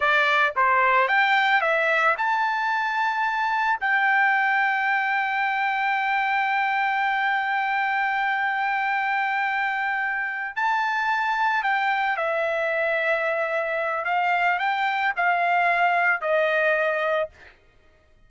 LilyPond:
\new Staff \with { instrumentName = "trumpet" } { \time 4/4 \tempo 4 = 111 d''4 c''4 g''4 e''4 | a''2. g''4~ | g''1~ | g''1~ |
g''2.~ g''8 a''8~ | a''4. g''4 e''4.~ | e''2 f''4 g''4 | f''2 dis''2 | }